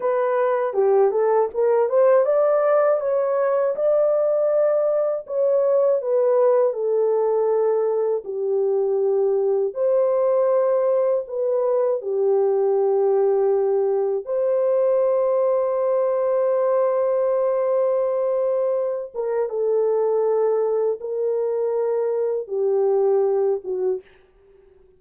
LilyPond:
\new Staff \with { instrumentName = "horn" } { \time 4/4 \tempo 4 = 80 b'4 g'8 a'8 ais'8 c''8 d''4 | cis''4 d''2 cis''4 | b'4 a'2 g'4~ | g'4 c''2 b'4 |
g'2. c''4~ | c''1~ | c''4. ais'8 a'2 | ais'2 g'4. fis'8 | }